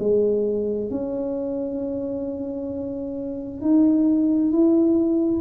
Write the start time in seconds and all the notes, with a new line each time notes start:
0.00 G#3
0.90 C#4
3.62 D#4
4.52 E4